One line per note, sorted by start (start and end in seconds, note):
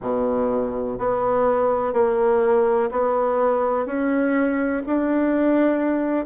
0.01 0.98 B2
0.98 1.93 B3
1.93 2.90 A#3
2.91 3.86 B3
3.86 4.83 C#4
4.86 6.25 D4